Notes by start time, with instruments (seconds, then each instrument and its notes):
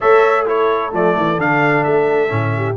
0.00 tuba A3, trombone A4, horn C#5, trumpet E5
0.46 trombone E4, horn A4, trumpet C#5
0.91 tuba F3, trombone A3, trumpet D5
1.16 tuba E3
1.38 tuba D3, trombone D4, trumpet F5
1.83 tuba A3, trumpet E5
2.28 tuba A2, trombone C#4
2.56 horn G4